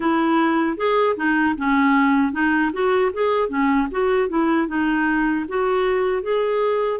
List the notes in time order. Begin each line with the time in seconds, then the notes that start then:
0.00 E4
0.77 G#4
1.16 D#4
1.57 C#4
2.32 D#4
2.72 F#4
3.13 G#4
3.48 C#4
3.91 F#4
4.29 E4
4.68 D#4
5.48 F#4
6.22 G#4